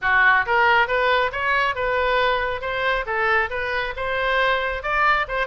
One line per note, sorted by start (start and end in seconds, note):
0.01 0.45 F#4
0.46 0.87 A#4
0.87 1.31 B4
1.32 1.75 C#5
1.75 2.61 B4
2.61 3.05 C5
3.06 3.49 A4
3.50 3.93 B4
3.96 4.82 C5
4.82 5.26 D5
5.28 5.46 C5